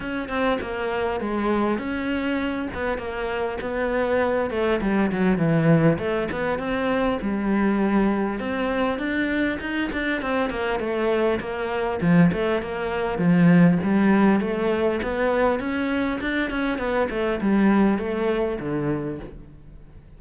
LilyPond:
\new Staff \with { instrumentName = "cello" } { \time 4/4 \tempo 4 = 100 cis'8 c'8 ais4 gis4 cis'4~ | cis'8 b8 ais4 b4. a8 | g8 fis8 e4 a8 b8 c'4 | g2 c'4 d'4 |
dis'8 d'8 c'8 ais8 a4 ais4 | f8 a8 ais4 f4 g4 | a4 b4 cis'4 d'8 cis'8 | b8 a8 g4 a4 d4 | }